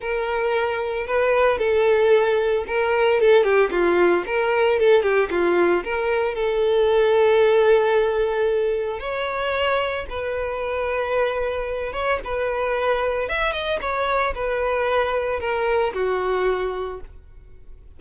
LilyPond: \new Staff \with { instrumentName = "violin" } { \time 4/4 \tempo 4 = 113 ais'2 b'4 a'4~ | a'4 ais'4 a'8 g'8 f'4 | ais'4 a'8 g'8 f'4 ais'4 | a'1~ |
a'4 cis''2 b'4~ | b'2~ b'8 cis''8 b'4~ | b'4 e''8 dis''8 cis''4 b'4~ | b'4 ais'4 fis'2 | }